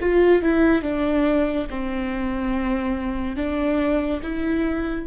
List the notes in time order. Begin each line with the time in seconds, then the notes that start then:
0.00 F4
0.42 E4
0.83 D4
1.70 C4
3.36 D4
4.23 E4